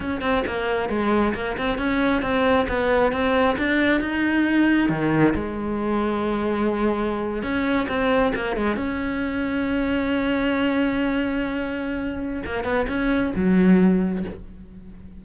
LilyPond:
\new Staff \with { instrumentName = "cello" } { \time 4/4 \tempo 4 = 135 cis'8 c'8 ais4 gis4 ais8 c'8 | cis'4 c'4 b4 c'4 | d'4 dis'2 dis4 | gis1~ |
gis8. cis'4 c'4 ais8 gis8 cis'16~ | cis'1~ | cis'1 | ais8 b8 cis'4 fis2 | }